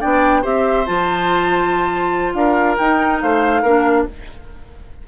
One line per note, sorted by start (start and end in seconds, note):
0.00 0.44 B3
0.00 0.43 D4
0.00 0.41 D5
0.00 0.43 G5
0.41 0.87 C4
0.41 0.85 G4
0.41 2.33 C5
0.41 0.86 E5
0.86 2.33 F3
0.86 2.77 F4
0.86 2.34 A5
2.33 2.76 D4
2.33 3.22 A#4
2.33 2.76 F5
2.77 3.22 D#4
2.77 3.65 D#4
2.77 3.19 G5
3.21 3.63 A3
3.21 3.62 C5
3.21 4.06 F5
3.62 4.05 A#3
3.62 4.07 D4
3.62 4.04 A#4